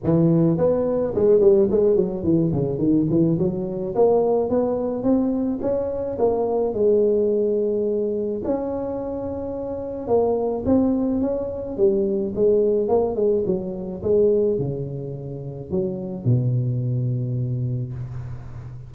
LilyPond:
\new Staff \with { instrumentName = "tuba" } { \time 4/4 \tempo 4 = 107 e4 b4 gis8 g8 gis8 fis8 | e8 cis8 dis8 e8 fis4 ais4 | b4 c'4 cis'4 ais4 | gis2. cis'4~ |
cis'2 ais4 c'4 | cis'4 g4 gis4 ais8 gis8 | fis4 gis4 cis2 | fis4 b,2. | }